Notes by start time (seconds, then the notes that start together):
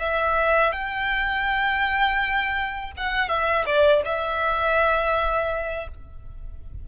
0.00 E5
0.72 G5
2.97 F#5
3.29 E5
3.66 D5
4.05 E5